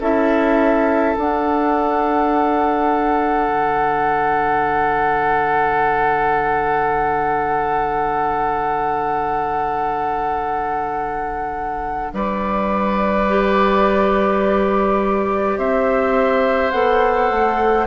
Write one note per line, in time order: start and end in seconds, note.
0.00 1.15 C#4
0.00 1.17 E4
0.00 12.12 A4
0.00 1.17 E5
1.17 13.28 D4
1.17 3.49 D4
1.17 12.14 F#5
3.49 12.13 D3
12.13 15.58 G3
12.13 15.58 B4
12.13 15.59 D5
13.29 16.74 G4
15.58 16.73 C4
15.58 17.87 C5
15.58 16.71 E5
16.71 17.30 B3
16.71 17.87 A4
16.71 17.87 F#5
17.30 17.87 A3